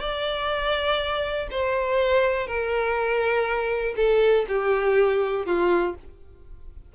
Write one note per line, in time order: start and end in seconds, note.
0.00 1.48 D5
1.50 2.47 C5
2.47 3.94 A#4
3.96 4.45 A4
4.48 5.45 G4
5.45 5.94 F4